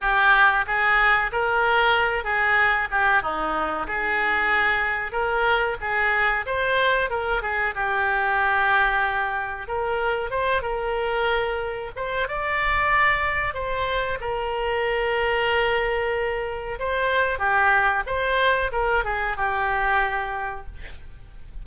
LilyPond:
\new Staff \with { instrumentName = "oboe" } { \time 4/4 \tempo 4 = 93 g'4 gis'4 ais'4. gis'8~ | gis'8 g'8 dis'4 gis'2 | ais'4 gis'4 c''4 ais'8 gis'8 | g'2. ais'4 |
c''8 ais'2 c''8 d''4~ | d''4 c''4 ais'2~ | ais'2 c''4 g'4 | c''4 ais'8 gis'8 g'2 | }